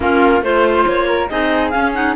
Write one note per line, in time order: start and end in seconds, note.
0.00 0.41 A#3
0.00 0.41 C#4
0.00 0.43 F4
0.00 0.43 A#4
0.41 0.84 A3
0.41 1.29 F4
0.41 0.87 C5
0.41 1.07 C5
0.87 1.30 A#3
0.87 1.29 C#5
1.07 1.29 A#4
1.29 1.73 C4
1.29 1.72 D#4
1.29 2.16 G#4
1.29 1.70 D#5
1.70 1.94 C#4
1.70 2.16 C#4
1.70 1.91 F5
1.94 2.15 D#4
1.94 2.15 F#5